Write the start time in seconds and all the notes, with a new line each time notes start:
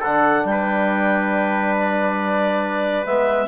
0.00 D3 D4 A4 F#5
0.45 G3 G5
0.51 B4
1.79 D5
3.06 G#3 B3 E5